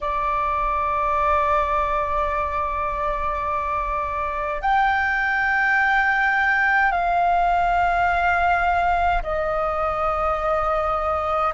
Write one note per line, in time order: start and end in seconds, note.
0.00 4.62 D5
4.62 6.91 G5
6.91 9.22 F5
9.23 11.53 D#5